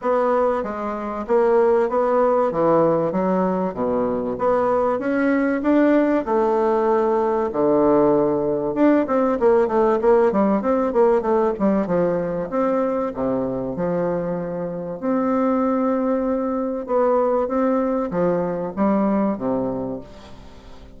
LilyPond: \new Staff \with { instrumentName = "bassoon" } { \time 4/4 \tempo 4 = 96 b4 gis4 ais4 b4 | e4 fis4 b,4 b4 | cis'4 d'4 a2 | d2 d'8 c'8 ais8 a8 |
ais8 g8 c'8 ais8 a8 g8 f4 | c'4 c4 f2 | c'2. b4 | c'4 f4 g4 c4 | }